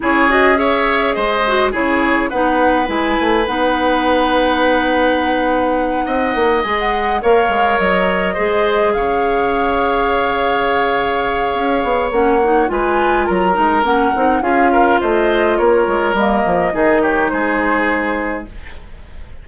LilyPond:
<<
  \new Staff \with { instrumentName = "flute" } { \time 4/4 \tempo 4 = 104 cis''8 dis''8 e''4 dis''4 cis''4 | fis''4 gis''4 fis''2~ | fis''2.~ fis''8 gis''16 fis''16~ | fis''8 f''4 dis''2 f''8~ |
f''1~ | f''4 fis''4 gis''4 ais''4 | fis''4 f''4 dis''4 cis''4 | dis''4. cis''8 c''2 | }
  \new Staff \with { instrumentName = "oboe" } { \time 4/4 gis'4 cis''4 c''4 gis'4 | b'1~ | b'2~ b'8 dis''4.~ | dis''8 cis''2 c''4 cis''8~ |
cis''1~ | cis''2 b'4 ais'4~ | ais'4 gis'8 ais'8 c''4 ais'4~ | ais'4 gis'8 g'8 gis'2 | }
  \new Staff \with { instrumentName = "clarinet" } { \time 4/4 e'8 fis'8 gis'4. fis'8 e'4 | dis'4 e'4 dis'2~ | dis'2.~ dis'8 gis'8~ | gis'8 ais'2 gis'4.~ |
gis'1~ | gis'4 cis'8 dis'8 f'4. dis'8 | cis'8 dis'8 f'2. | ais4 dis'2. | }
  \new Staff \with { instrumentName = "bassoon" } { \time 4/4 cis'2 gis4 cis4 | b4 gis8 a8 b2~ | b2~ b8 c'8 ais8 gis8~ | gis8 ais8 gis8 fis4 gis4 cis8~ |
cis1 | cis'8 b8 ais4 gis4 fis8 gis8 | ais8 c'8 cis'4 a4 ais8 gis8 | g8 f8 dis4 gis2 | }
>>